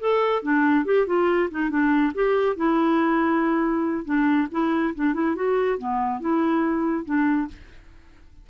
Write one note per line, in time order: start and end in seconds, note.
0.00 0.43 A4
0.43 0.85 D4
0.85 1.07 G4
1.07 1.49 F4
1.51 1.70 D#4
1.70 2.13 D4
2.14 2.56 G4
2.56 4.05 E4
4.05 4.48 D4
4.51 4.94 E4
4.95 5.14 D4
5.14 5.35 E4
5.35 5.78 F#4
5.78 6.20 B3
6.20 7.05 E4
7.05 7.48 D4